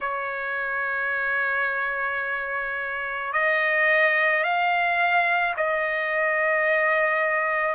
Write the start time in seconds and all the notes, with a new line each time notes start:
0.00 C#5
3.32 D#5
4.43 F5
5.57 D#5